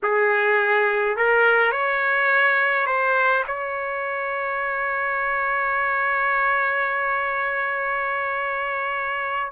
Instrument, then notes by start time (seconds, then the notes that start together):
trumpet
0.03 G#4
1.16 A#4
1.72 C#5
2.86 C5
3.47 C#5